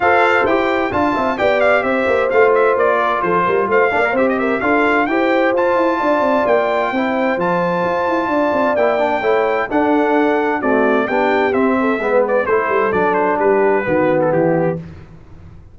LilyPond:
<<
  \new Staff \with { instrumentName = "trumpet" } { \time 4/4 \tempo 4 = 130 f''4 g''4 a''4 g''8 f''8 | e''4 f''8 e''8 d''4 c''4 | f''4 e''16 dis''16 e''8 f''4 g''4 | a''2 g''2 |
a''2. g''4~ | g''4 fis''2 d''4 | g''4 e''4. d''8 c''4 | d''8 c''8 b'4.~ b'16 a'16 g'4 | }
  \new Staff \with { instrumentName = "horn" } { \time 4/4 c''2 f''8 e''8 d''4 | c''2~ c''8 ais'8 a'8 ais'8 | c''8 d''8 c''8 ais'8 a'4 c''4~ | c''4 d''2 c''4~ |
c''2 d''2 | cis''4 a'2 fis'4 | g'4. a'8 b'4 a'4~ | a'4 g'4 fis'4 e'4 | }
  \new Staff \with { instrumentName = "trombone" } { \time 4/4 a'4 g'4 f'4 g'4~ | g'4 f'2.~ | f'8 d'16 ais'16 g'4 f'4 g'4 | f'2. e'4 |
f'2. e'8 d'8 | e'4 d'2 a4 | d'4 c'4 b4 e'4 | d'2 b2 | }
  \new Staff \with { instrumentName = "tuba" } { \time 4/4 f'4 e'4 d'8 c'8 b4 | c'8 ais8 a4 ais4 f8 g8 | a8 ais8 c'4 d'4 e'4 | f'8 e'8 d'8 c'8 ais4 c'4 |
f4 f'8 e'8 d'8 c'8 ais4 | a4 d'2 c'4 | b4 c'4 gis4 a8 g8 | fis4 g4 dis4 e4 | }
>>